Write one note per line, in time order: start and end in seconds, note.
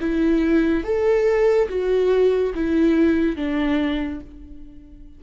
0.00 0.83 E4
0.83 1.68 A4
1.68 2.53 F#4
2.54 3.36 E4
3.36 4.20 D4